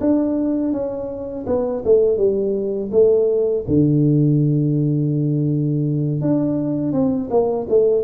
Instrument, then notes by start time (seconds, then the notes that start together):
tuba
0.00 D4
0.72 C#4
1.46 B3
1.85 A3
2.17 G3
2.91 A3
3.67 D3
6.21 D4
6.92 C4
7.30 A#3
7.69 A3